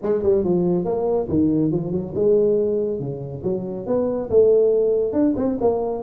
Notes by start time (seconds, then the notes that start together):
0.02 G#3
0.23 G3
0.44 F3
0.84 A#3
1.28 D#3
1.71 F3
1.92 F#3
2.15 G#3
2.99 C#3
3.43 F#3
3.86 B3
4.30 A3
5.12 D4
5.36 C4
5.60 A#3